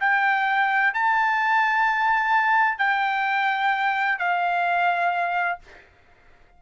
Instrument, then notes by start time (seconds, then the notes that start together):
trumpet
0.00 G5
0.94 A5
2.78 G5
4.18 F5